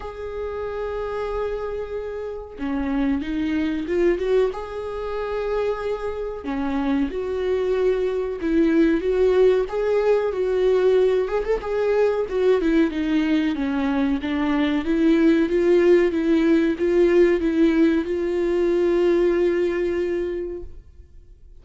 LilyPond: \new Staff \with { instrumentName = "viola" } { \time 4/4 \tempo 4 = 93 gis'1 | cis'4 dis'4 f'8 fis'8 gis'4~ | gis'2 cis'4 fis'4~ | fis'4 e'4 fis'4 gis'4 |
fis'4. gis'16 a'16 gis'4 fis'8 e'8 | dis'4 cis'4 d'4 e'4 | f'4 e'4 f'4 e'4 | f'1 | }